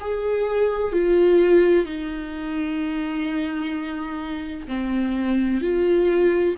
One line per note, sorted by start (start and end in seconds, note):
0.00 0.92 G#4
0.92 1.85 F4
1.85 4.67 D#4
4.68 5.61 C4
5.61 6.55 F4